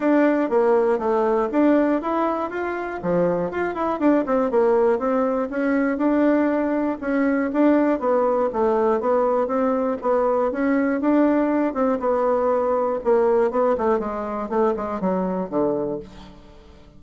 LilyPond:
\new Staff \with { instrumentName = "bassoon" } { \time 4/4 \tempo 4 = 120 d'4 ais4 a4 d'4 | e'4 f'4 f4 f'8 e'8 | d'8 c'8 ais4 c'4 cis'4 | d'2 cis'4 d'4 |
b4 a4 b4 c'4 | b4 cis'4 d'4. c'8 | b2 ais4 b8 a8 | gis4 a8 gis8 fis4 d4 | }